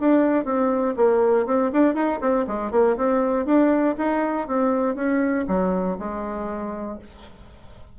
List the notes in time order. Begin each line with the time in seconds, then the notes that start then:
0.00 D4
0.45 C4
0.97 A#3
1.46 C4
1.72 D4
1.95 D#4
2.21 C4
2.48 G#3
2.72 A#3
2.97 C4
3.46 D4
3.98 D#4
4.48 C4
4.95 C#4
5.48 F#3
5.99 G#3